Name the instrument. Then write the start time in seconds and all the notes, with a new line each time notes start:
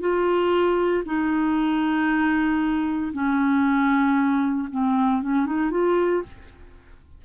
clarinet
0.00 F4
1.05 D#4
3.13 C#4
4.71 C4
5.22 C#4
5.46 D#4
5.70 F4